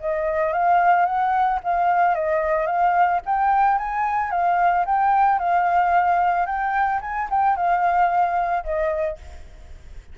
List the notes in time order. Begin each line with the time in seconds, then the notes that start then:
0.00 D#5
0.53 F5
1.06 F#5
1.63 F5
2.15 D#5
2.66 F5
3.26 G5
3.78 G#5
4.31 F5
4.85 G5
5.39 F5
6.46 G5
7.01 G#5
7.30 G5
7.56 F5
8.64 D#5